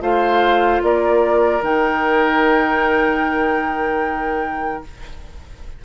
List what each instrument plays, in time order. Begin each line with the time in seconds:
0.00 bassoon A3, clarinet F4, oboe C5, flute F5
0.82 bassoon A#3, oboe A#4, flute D5
1.61 bassoon D#3, clarinet D#4, flute G5